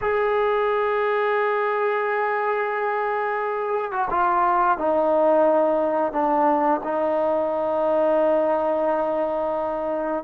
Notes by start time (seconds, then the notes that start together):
0.01 G#4
3.91 F#4
4.10 F4
4.78 D#4
6.12 D4
6.83 D#4